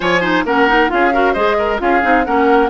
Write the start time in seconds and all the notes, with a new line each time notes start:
0.00 F3 F4 C#5 G#5
0.21 D#4 C5
0.44 A#3 C#4 A#4 F#5
0.68 D#4
0.88 C#4 F4 G#4 F5
1.12 F#4 A#4
1.33 G#3 G#4 C5 D#5
1.58 A#4
1.78 C#4 F4 G#4 F5
2.01 C4 D#4
2.25 A#3 C#4 A#4 F#5